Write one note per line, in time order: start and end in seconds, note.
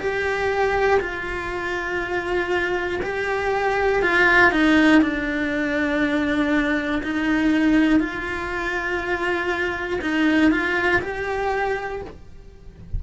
0.00 1.00 G4
1.00 3.00 F4
3.03 4.02 G4
4.02 4.51 F4
4.51 5.01 D#4
5.02 7.02 D4
7.03 8.00 D#4
8.00 10.00 F4
10.01 10.51 D#4
10.51 11.01 F4
11.02 12.02 G4